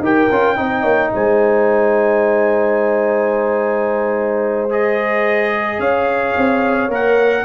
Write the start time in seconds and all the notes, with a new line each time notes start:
0.00 D#4 G4 A#4 G5
0.31 C#4 F4
0.57 C4 D#4 D#5
0.83 A#3 C#5
1.14 G#3 C5 G#5
4.70 G#4 D#5
5.79 C#4 C#5 F5
6.37 C4
6.89 A#3 A#4 F#5